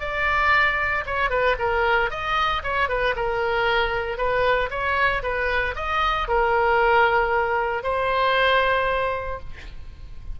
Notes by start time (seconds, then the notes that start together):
0.00 D5
1.06 C#5
1.30 B4
1.59 A#4
2.10 D#5
2.63 C#5
2.89 B4
3.16 A#4
4.17 B4
4.70 C#5
5.23 B4
5.76 D#5
6.28 A#4
7.83 C5